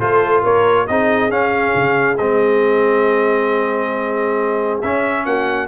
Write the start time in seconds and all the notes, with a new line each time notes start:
0.00 A3 F4 A4 C5
0.43 A#3 A#4 C#5
0.87 C4 D#4 G#4 D#5
1.30 C#4 F5
1.75 C#3
2.18 G#3 C4 D#5
4.82 C#4 E5
5.25 A#3 F#4 F#5